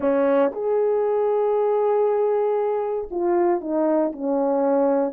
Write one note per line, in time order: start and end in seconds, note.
0.00 0.51 C#4
0.52 3.08 G#4
3.10 3.60 F4
3.60 4.12 D#4
4.12 5.12 C#4